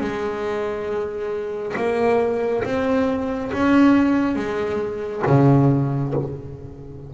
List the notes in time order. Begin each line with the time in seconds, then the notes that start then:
0.00 G#3
1.76 A#3
2.64 C4
3.52 C#4
4.35 G#3
5.26 C#3